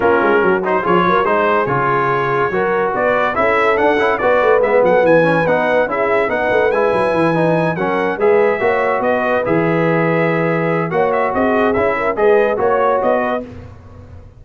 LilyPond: <<
  \new Staff \with { instrumentName = "trumpet" } { \time 4/4 \tempo 4 = 143 ais'4. c''8 cis''4 c''4 | cis''2. d''4 | e''4 fis''4 d''4 e''8 fis''8 | gis''4 fis''4 e''4 fis''4 |
gis''2~ gis''8 fis''4 e''8~ | e''4. dis''4 e''4.~ | e''2 fis''8 e''8 dis''4 | e''4 dis''4 cis''4 dis''4 | }
  \new Staff \with { instrumentName = "horn" } { \time 4/4 f'4 fis'4 gis'8 ais'8 gis'4~ | gis'2 ais'4 b'4 | a'2 b'4. a'8 | b'2 gis'4 b'4~ |
b'2~ b'8 ais'4 b'8~ | b'8 cis''4 b'2~ b'8~ | b'2 cis''4 gis'4~ | gis'8 ais'8 b'4 cis''4. b'8 | }
  \new Staff \with { instrumentName = "trombone" } { \time 4/4 cis'4. dis'8 f'4 dis'4 | f'2 fis'2 | e'4 d'8 e'8 fis'4 b4~ | b8 cis'8 dis'4 e'4 dis'4 |
e'4. dis'4 cis'4 gis'8~ | gis'8 fis'2 gis'4.~ | gis'2 fis'2 | e'4 gis'4 fis'2 | }
  \new Staff \with { instrumentName = "tuba" } { \time 4/4 ais8 gis8 fis4 f8 fis8 gis4 | cis2 fis4 b4 | cis'4 d'8 cis'8 b8 a8 gis8 fis8 | e4 b4 cis'4 b8 a8 |
gis8 fis8 e4. fis4 gis8~ | gis8 ais4 b4 e4.~ | e2 ais4 c'4 | cis'4 gis4 ais4 b4 | }
>>